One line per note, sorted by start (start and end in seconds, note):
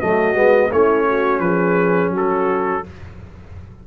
0.00 0.35 F#3
0.00 0.35 A3
0.00 0.71 F#4
0.00 0.72 D#5
0.35 0.70 G#3
0.35 0.70 B3
0.72 1.40 A3
0.72 2.84 C#4
0.72 1.08 E4
0.72 1.40 C#5
1.08 1.43 F#4
1.40 2.11 F3
1.40 2.14 G#4
1.40 2.11 B4
2.11 2.81 F#3
2.11 2.85 F#4
2.17 2.87 A4